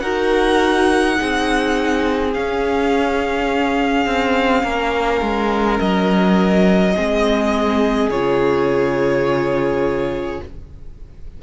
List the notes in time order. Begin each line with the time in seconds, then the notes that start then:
0.00 D#4 F#4 A#4 F#5
1.16 C4 D#4 G#4
2.34 C#4 F5
4.06 C4
4.63 A#3 A#4
5.22 G#3
5.79 F#3 D#5
6.95 G#3 C4 G#4
8.09 C#3 F4 C#5